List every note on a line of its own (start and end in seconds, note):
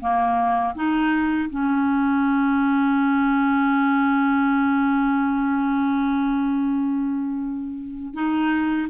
0.00 0.74 A#3
0.75 1.49 D#4
1.50 8.14 C#4
8.14 8.88 D#4